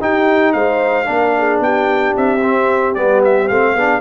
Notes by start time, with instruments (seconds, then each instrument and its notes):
0.00 tuba D#4, trombone D#4, horn G4, trumpet G5
0.52 tuba G#3, horn C5, trumpet F5
1.05 tuba A#3, trombone D4, horn A#4
1.37 horn G#4
1.59 tuba B3, horn G4, trumpet G5
2.16 tuba C4, trumpet E5
2.42 trombone C4
2.94 tuba G3, trombone B3, trumpet D5
3.24 trumpet E5
3.48 tuba A3, trombone C4, trumpet F5
3.74 tuba B3, trombone D4, horn G#4